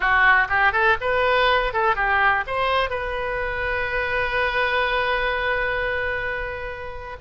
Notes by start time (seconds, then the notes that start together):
0.00 F#4
0.48 G4
0.72 A4
1.00 B4
1.73 A4
1.95 G4
2.46 C5
2.90 B4